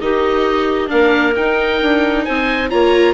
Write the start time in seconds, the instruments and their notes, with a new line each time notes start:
0.00 bassoon D#3, viola D#4, clarinet G4, oboe D#5
0.87 bassoon A#3, viola D4, clarinet A#4, oboe F5
1.35 viola D#4, bassoon D#4, oboe G5
1.82 bassoon D4
2.24 bassoon C4, clarinet C5, oboe G#5
2.70 bassoon A#3, viola F4, clarinet C#5, oboe A#5